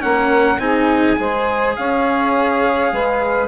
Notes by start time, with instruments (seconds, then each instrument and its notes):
0.00 bassoon A#3, cello C#4, saxophone A#4, trumpet F#5
0.58 bassoon C4, cello D#4, saxophone G#4, trumpet G#5
1.16 bassoon G#3, cello G#4, saxophone C5
1.76 bassoon C#4, saxophone C#5, trumpet F5
2.92 bassoon G#3, saxophone B4